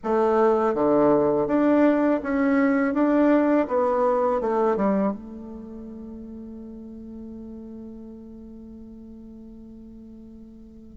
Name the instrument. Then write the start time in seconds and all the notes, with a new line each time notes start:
bassoon
0.03 A3
0.74 D3
1.47 D4
2.23 C#4
2.93 D4
3.67 B3
4.41 A3
4.76 G3
5.12 A3